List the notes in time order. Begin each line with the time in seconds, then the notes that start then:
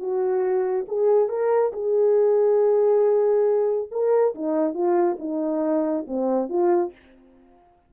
0.00 F#4
0.88 G#4
1.29 A#4
1.73 G#4
3.92 A#4
4.35 D#4
4.75 F4
5.20 D#4
6.08 C4
6.50 F4